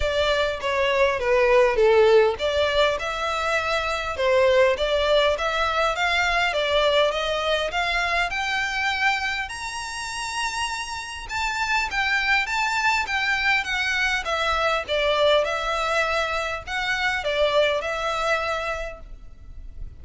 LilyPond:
\new Staff \with { instrumentName = "violin" } { \time 4/4 \tempo 4 = 101 d''4 cis''4 b'4 a'4 | d''4 e''2 c''4 | d''4 e''4 f''4 d''4 | dis''4 f''4 g''2 |
ais''2. a''4 | g''4 a''4 g''4 fis''4 | e''4 d''4 e''2 | fis''4 d''4 e''2 | }